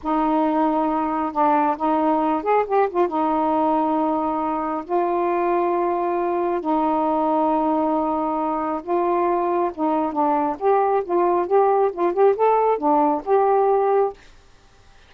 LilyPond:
\new Staff \with { instrumentName = "saxophone" } { \time 4/4 \tempo 4 = 136 dis'2. d'4 | dis'4. gis'8 g'8 f'8 dis'4~ | dis'2. f'4~ | f'2. dis'4~ |
dis'1 | f'2 dis'4 d'4 | g'4 f'4 g'4 f'8 g'8 | a'4 d'4 g'2 | }